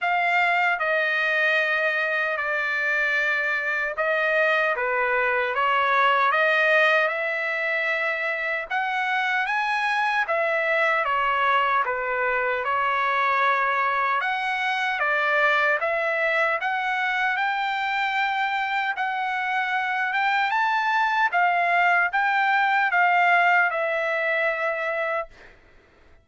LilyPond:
\new Staff \with { instrumentName = "trumpet" } { \time 4/4 \tempo 4 = 76 f''4 dis''2 d''4~ | d''4 dis''4 b'4 cis''4 | dis''4 e''2 fis''4 | gis''4 e''4 cis''4 b'4 |
cis''2 fis''4 d''4 | e''4 fis''4 g''2 | fis''4. g''8 a''4 f''4 | g''4 f''4 e''2 | }